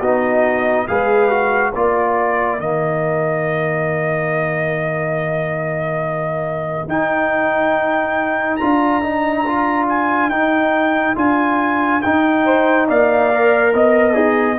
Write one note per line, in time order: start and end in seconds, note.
0.00 0.87 B3
0.00 0.87 D#4
0.00 0.86 F#4
0.00 0.87 D#5
0.87 1.75 G#3
0.87 1.30 G#4
0.87 1.73 B4
0.87 1.73 F5
1.30 1.73 F#4
1.73 2.59 A#3
1.73 2.60 F4
1.73 12.45 A#4
1.73 2.60 D5
2.59 6.87 D#3
2.59 6.89 A#3
2.59 6.89 D#5
6.87 8.59 D#4
6.87 8.60 D#4
6.87 8.56 G5
8.56 9.02 F4
8.56 9.85 A#5
8.63 10.29 D4
9.02 9.45 D#4
9.46 10.31 F4
9.89 10.30 G#5
10.29 11.15 D#4
10.29 11.15 G5
11.15 12.02 D4
11.15 12.01 F4
11.15 12.02 G#5
12.02 12.89 D#4
12.02 13.33 D#4
12.02 12.87 G5
12.45 12.87 C5
12.88 13.74 A#3
12.88 13.74 D5
12.88 13.75 F5
13.33 14.13 A#4
13.74 14.59 B3
13.74 14.16 D#5
13.74 14.59 D#5
14.13 14.59 D#4
14.13 14.56 G#4